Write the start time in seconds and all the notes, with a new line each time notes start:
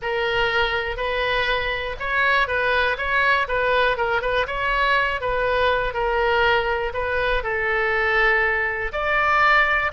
0.01 A#4
0.96 B4
1.99 C#5
2.47 B4
2.97 C#5
3.48 B4
3.97 A#4
4.21 B4
4.47 C#5
5.20 B4
5.93 A#4
6.93 B4
7.43 A4
8.92 D5